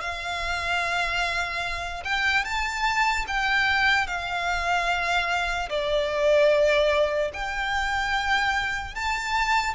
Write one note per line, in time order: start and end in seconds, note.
0.00 2.03 F5
2.04 2.44 G5
2.44 3.25 A5
3.27 4.07 G5
4.07 5.69 F5
5.69 7.31 D5
7.33 8.95 G5
8.95 9.74 A5